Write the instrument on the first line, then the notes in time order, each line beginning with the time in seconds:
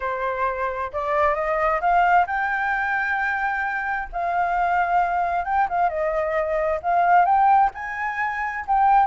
flute
0.00 C5
0.92 D5
1.35 D#5
1.80 F5
2.26 G5
4.12 F5
5.44 G5
5.69 F5
5.89 D#5
6.82 F5
7.25 G5
7.74 G#5
8.67 G5